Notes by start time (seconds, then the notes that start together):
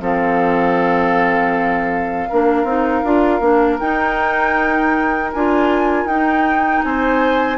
0.00 F3 C4 A4 F5
2.29 A#3 D4 A#4
2.64 C4 D#4
3.04 D4 F4
3.40 A#3 D4
3.79 D#4 G5
5.32 D4 F4 G#5
6.05 D#4 G5
6.84 C4 C5 G#5